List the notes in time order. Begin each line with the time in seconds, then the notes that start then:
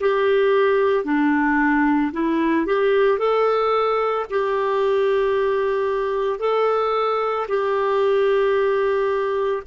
0.00 G4
1.05 D4
2.13 E4
2.66 G4
3.19 A4
4.31 G4
6.40 A4
7.48 G4